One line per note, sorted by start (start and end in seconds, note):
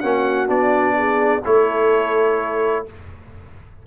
0.00 0.48 A#3
0.00 0.47 C#4
0.00 0.95 F#4
0.00 0.47 F#5
0.47 1.42 B3
0.47 1.41 D4
0.47 1.44 D5
0.97 1.43 G#4
1.45 2.86 A3
1.45 2.86 E4
1.45 2.86 A4
1.45 2.86 C#5